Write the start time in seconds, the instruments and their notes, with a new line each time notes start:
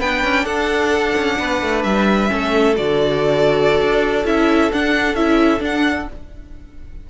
0.00 cello B3, viola D4, violin B4 G5
0.24 cello C#4
0.46 cello D4, violin A4 F#5
1.16 cello C#4
1.40 cello B3, violin B4
1.63 cello A3
1.84 cello G3, violin E5
2.29 cello A3, viola C#4, violin A4
2.76 cello D3, viola F#4, violin D5
3.81 cello D4
4.26 cello C#4, viola E4, violin E5
4.73 cello D4, viola D4, violin F#5
5.15 cello C#4, viola E4, violin E5
5.59 viola D4, cello D4, violin F#5